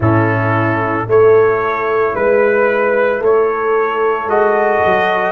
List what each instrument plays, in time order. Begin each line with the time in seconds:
0.00 tuba A2, trombone C#4, horn E4, trumpet A4
1.06 tuba A3, trombone E4, horn A4, trumpet C#5
2.14 tuba G#3, horn B4, trumpet B4
3.19 tuba A3, horn A4, trumpet C#5
4.26 tuba G#3, trombone F#4, trumpet D#5
4.84 tuba F#3